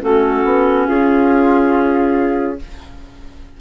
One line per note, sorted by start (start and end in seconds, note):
0.00 0.44 A3
0.00 2.57 C#4
0.00 0.87 F#4
0.00 0.87 A4
0.44 0.87 B3
0.87 2.60 C#4
0.87 2.58 F4
0.87 2.59 G#4